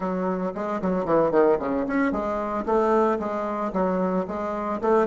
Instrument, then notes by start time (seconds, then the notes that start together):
bassoon
0.00 F#3
0.54 G#3
0.81 F#3
1.05 E3
1.31 D#3
1.59 C#3
1.86 C#4
2.12 G#3
2.65 A3
3.19 G#3
3.72 F#3
4.27 G#3
4.81 A3